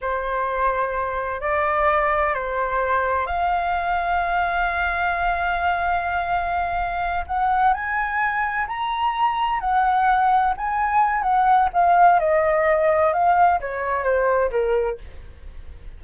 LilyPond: \new Staff \with { instrumentName = "flute" } { \time 4/4 \tempo 4 = 128 c''2. d''4~ | d''4 c''2 f''4~ | f''1~ | f''2.~ f''8 fis''8~ |
fis''8 gis''2 ais''4.~ | ais''8 fis''2 gis''4. | fis''4 f''4 dis''2 | f''4 cis''4 c''4 ais'4 | }